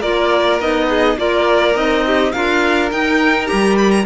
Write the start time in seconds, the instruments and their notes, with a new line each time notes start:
0.00 cello A#3, clarinet F4, violin A#4 D5
0.60 cello B3, clarinet D#4, violin D#5
0.89 violin G#4
1.18 cello A#3, clarinet F4, violin A#4 D5
1.75 cello C4, clarinet D#4, violin D#5
2.07 violin G4
2.32 cello D4, clarinet F4, violin A#4 F5
2.91 clarinet D#4, cello D#4, violin G5
3.46 clarinet G4, violin A#5
3.53 cello G3
3.78 violin B5
3.91 violin A#5